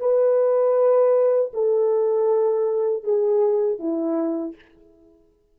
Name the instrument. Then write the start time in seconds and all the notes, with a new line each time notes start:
horn
0.00 B4
1.54 A4
3.04 G#4
3.79 E4